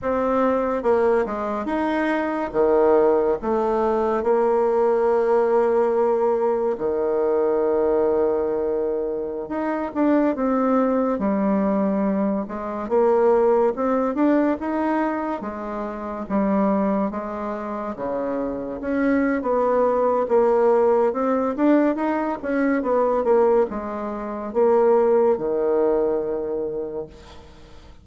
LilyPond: \new Staff \with { instrumentName = "bassoon" } { \time 4/4 \tempo 4 = 71 c'4 ais8 gis8 dis'4 dis4 | a4 ais2. | dis2.~ dis16 dis'8 d'16~ | d'16 c'4 g4. gis8 ais8.~ |
ais16 c'8 d'8 dis'4 gis4 g8.~ | g16 gis4 cis4 cis'8. b4 | ais4 c'8 d'8 dis'8 cis'8 b8 ais8 | gis4 ais4 dis2 | }